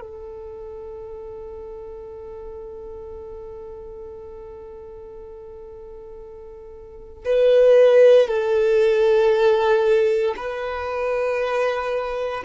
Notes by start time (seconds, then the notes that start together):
0.00 A4
7.25 B4
8.28 A4
10.36 B4